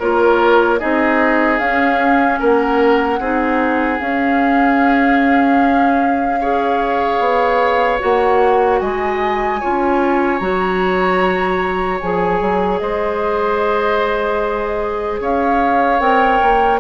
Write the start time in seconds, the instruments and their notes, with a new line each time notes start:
0.00 bassoon A#3, clarinet F4, oboe A#4, flute C#5
0.79 bassoon C4, clarinet D#4, oboe G#4, flute D#5
1.59 bassoon C#4, clarinet C#4, flute F5
2.40 bassoon A#3, oboe A#4, flute F#5
3.20 bassoon C4, clarinet D#4, oboe G#4
3.99 clarinet C#4, bassoon C#4, flute F5
6.41 clarinet G#4, oboe C#5
7.20 bassoon B3
8.00 bassoon A#3, clarinet F#4, flute F#5
8.80 bassoon G#3, oboe D#5, flute G#5
9.60 bassoon C#4, clarinet F4, oboe C#5
10.39 bassoon F#3, clarinet F#4, flute A#5
12.01 bassoon F3, clarinet G#4, flute G#5
12.41 bassoon F#3
12.79 bassoon G#3, oboe C5, flute D#5
15.21 bassoon C#4, oboe C#5, flute F5
16.00 bassoon C4, clarinet A#4, flute G5
16.43 bassoon A#3